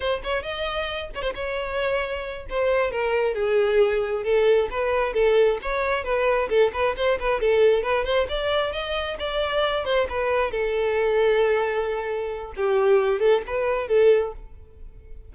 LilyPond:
\new Staff \with { instrumentName = "violin" } { \time 4/4 \tempo 4 = 134 c''8 cis''8 dis''4. cis''16 c''16 cis''4~ | cis''4. c''4 ais'4 gis'8~ | gis'4. a'4 b'4 a'8~ | a'8 cis''4 b'4 a'8 b'8 c''8 |
b'8 a'4 b'8 c''8 d''4 dis''8~ | dis''8 d''4. c''8 b'4 a'8~ | a'1 | g'4. a'8 b'4 a'4 | }